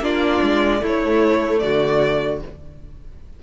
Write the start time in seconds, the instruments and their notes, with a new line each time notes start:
0.00 cello A#3, viola D4, violin F4 D5
0.43 cello G#3
0.80 viola A3, cello A3, violin E4
0.86 violin C#5
1.59 cello D3, violin F#4 D5